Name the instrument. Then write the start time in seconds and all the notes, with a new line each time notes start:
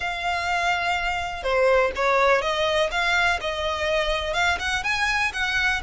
violin
0.00 F5
1.43 C5
1.95 C#5
2.41 D#5
2.91 F5
3.40 D#5
4.33 F5
4.59 F#5
4.83 G#5
5.33 F#5